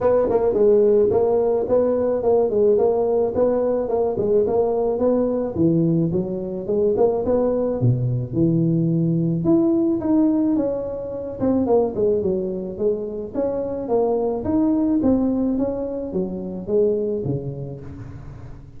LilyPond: \new Staff \with { instrumentName = "tuba" } { \time 4/4 \tempo 4 = 108 b8 ais8 gis4 ais4 b4 | ais8 gis8 ais4 b4 ais8 gis8 | ais4 b4 e4 fis4 | gis8 ais8 b4 b,4 e4~ |
e4 e'4 dis'4 cis'4~ | cis'8 c'8 ais8 gis8 fis4 gis4 | cis'4 ais4 dis'4 c'4 | cis'4 fis4 gis4 cis4 | }